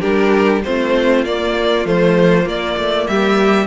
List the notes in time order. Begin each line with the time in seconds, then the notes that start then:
0.00 G3 D4 G4 A#4
0.64 A3 C4 F4 C5
1.24 A#3 D5
1.85 F3 A3 C5
2.43 A#3 D5
2.77 A3
3.07 G3 G4 E5